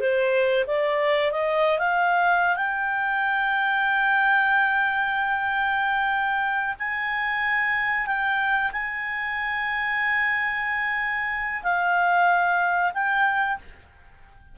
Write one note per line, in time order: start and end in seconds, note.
0.00 0.65 C5
0.67 1.31 D5
1.31 1.78 D#5
1.78 2.56 F5
2.56 6.75 G5
6.79 8.06 G#5
8.06 8.71 G5
8.72 11.62 G#5
11.63 12.92 F5
12.94 13.58 G5